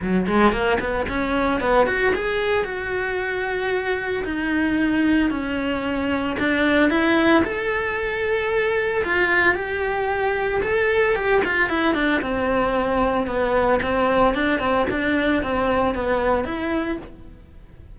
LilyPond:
\new Staff \with { instrumentName = "cello" } { \time 4/4 \tempo 4 = 113 fis8 gis8 ais8 b8 cis'4 b8 fis'8 | gis'4 fis'2. | dis'2 cis'2 | d'4 e'4 a'2~ |
a'4 f'4 g'2 | a'4 g'8 f'8 e'8 d'8 c'4~ | c'4 b4 c'4 d'8 c'8 | d'4 c'4 b4 e'4 | }